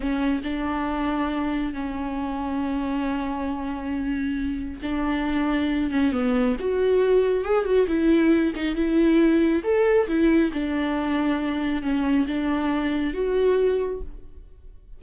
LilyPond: \new Staff \with { instrumentName = "viola" } { \time 4/4 \tempo 4 = 137 cis'4 d'2. | cis'1~ | cis'2. d'4~ | d'4. cis'8 b4 fis'4~ |
fis'4 gis'8 fis'8 e'4. dis'8 | e'2 a'4 e'4 | d'2. cis'4 | d'2 fis'2 | }